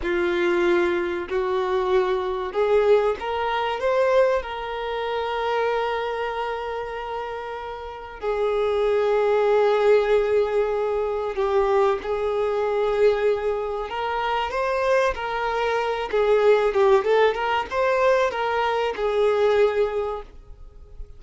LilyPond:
\new Staff \with { instrumentName = "violin" } { \time 4/4 \tempo 4 = 95 f'2 fis'2 | gis'4 ais'4 c''4 ais'4~ | ais'1~ | ais'4 gis'2.~ |
gis'2 g'4 gis'4~ | gis'2 ais'4 c''4 | ais'4. gis'4 g'8 a'8 ais'8 | c''4 ais'4 gis'2 | }